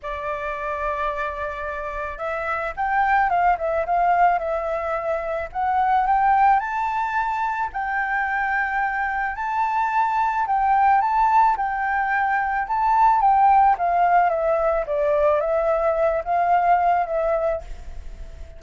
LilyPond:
\new Staff \with { instrumentName = "flute" } { \time 4/4 \tempo 4 = 109 d''1 | e''4 g''4 f''8 e''8 f''4 | e''2 fis''4 g''4 | a''2 g''2~ |
g''4 a''2 g''4 | a''4 g''2 a''4 | g''4 f''4 e''4 d''4 | e''4. f''4. e''4 | }